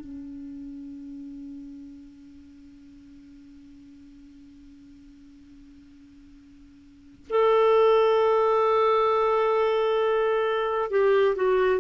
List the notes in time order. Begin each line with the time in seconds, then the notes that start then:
0.00 C#4
7.30 A4
10.90 G4
11.36 F#4